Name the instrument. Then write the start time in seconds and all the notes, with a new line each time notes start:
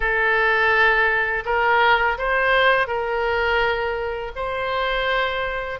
oboe
0.00 A4
1.45 A#4
2.18 C5
2.87 A#4
4.35 C5